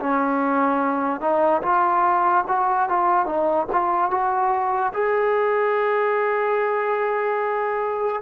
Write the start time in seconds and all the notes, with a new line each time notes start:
0.00 C#4
1.21 D#4
1.62 F4
2.48 F#4
2.89 F4
3.25 D#4
3.72 F4
4.10 F#4
4.94 G#4